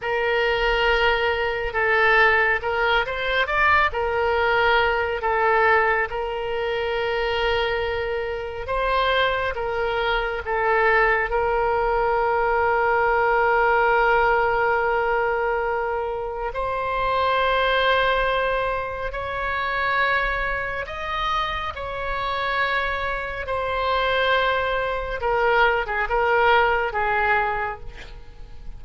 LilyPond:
\new Staff \with { instrumentName = "oboe" } { \time 4/4 \tempo 4 = 69 ais'2 a'4 ais'8 c''8 | d''8 ais'4. a'4 ais'4~ | ais'2 c''4 ais'4 | a'4 ais'2.~ |
ais'2. c''4~ | c''2 cis''2 | dis''4 cis''2 c''4~ | c''4 ais'8. gis'16 ais'4 gis'4 | }